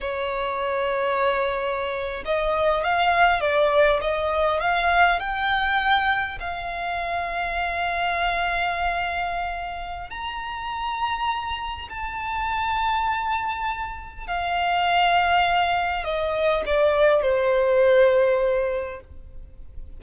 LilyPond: \new Staff \with { instrumentName = "violin" } { \time 4/4 \tempo 4 = 101 cis''2.~ cis''8. dis''16~ | dis''8. f''4 d''4 dis''4 f''16~ | f''8. g''2 f''4~ f''16~ | f''1~ |
f''4 ais''2. | a''1 | f''2. dis''4 | d''4 c''2. | }